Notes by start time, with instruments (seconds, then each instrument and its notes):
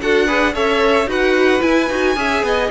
0.00 cello D4, viola F#4, violin A4 F#5
0.26 viola G#4, violin B4
0.52 cello C#4, viola A4, violin C#5 E5
1.06 cello D#4, viola F#4, violin B4 F#5
1.60 viola E4, cello E4, violin G#5
1.89 cello D#4, viola F#4
2.15 cello C#4, viola G#4, violin E5
2.42 cello B3, violin D#5